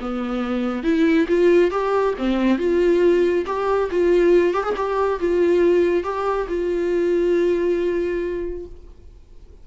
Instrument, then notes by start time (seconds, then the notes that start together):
viola
0.00 B3
0.83 E4
1.28 F4
1.70 G4
2.18 C4
2.58 F4
3.46 G4
3.91 F4
4.53 G4
4.63 G#4
4.76 G4
5.19 F4
6.03 G4
6.48 F4